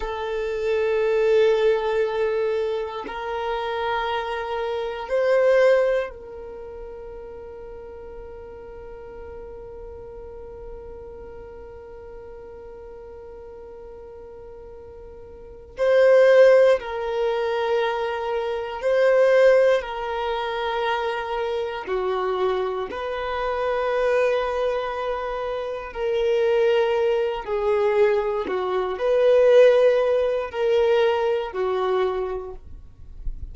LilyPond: \new Staff \with { instrumentName = "violin" } { \time 4/4 \tempo 4 = 59 a'2. ais'4~ | ais'4 c''4 ais'2~ | ais'1~ | ais'2.~ ais'8 c''8~ |
c''8 ais'2 c''4 ais'8~ | ais'4. fis'4 b'4.~ | b'4. ais'4. gis'4 | fis'8 b'4. ais'4 fis'4 | }